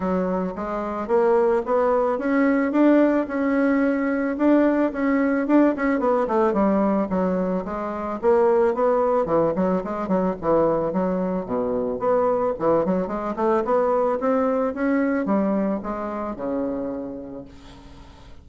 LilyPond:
\new Staff \with { instrumentName = "bassoon" } { \time 4/4 \tempo 4 = 110 fis4 gis4 ais4 b4 | cis'4 d'4 cis'2 | d'4 cis'4 d'8 cis'8 b8 a8 | g4 fis4 gis4 ais4 |
b4 e8 fis8 gis8 fis8 e4 | fis4 b,4 b4 e8 fis8 | gis8 a8 b4 c'4 cis'4 | g4 gis4 cis2 | }